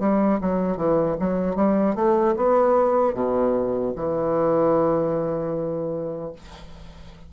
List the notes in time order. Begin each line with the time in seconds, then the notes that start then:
0.00 G3
0.41 F#3
0.77 E3
1.20 F#3
1.56 G3
1.96 A3
2.37 B3
3.15 B2
3.96 E3